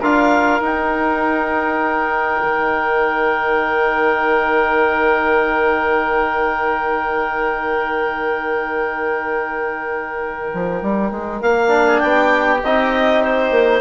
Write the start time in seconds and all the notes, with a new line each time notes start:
0.00 D4 F4 A#4 F5
0.61 D#4 G5
2.43 D#3
10.54 F3
10.83 G3
11.12 G#3
11.42 A#3 F5
11.68 D4
11.88 G#4
11.99 B3 G4 G5
12.64 C4 D#4 D#5
13.24 C5
13.51 A#3